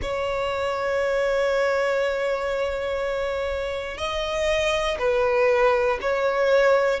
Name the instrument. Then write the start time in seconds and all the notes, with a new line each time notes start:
violin
0.02 C#5
3.97 D#5
4.99 B4
6.00 C#5